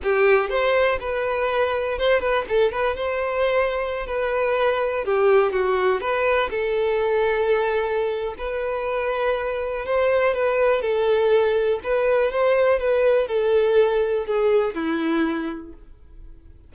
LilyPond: \new Staff \with { instrumentName = "violin" } { \time 4/4 \tempo 4 = 122 g'4 c''4 b'2 | c''8 b'8 a'8 b'8 c''2~ | c''16 b'2 g'4 fis'8.~ | fis'16 b'4 a'2~ a'8.~ |
a'4 b'2. | c''4 b'4 a'2 | b'4 c''4 b'4 a'4~ | a'4 gis'4 e'2 | }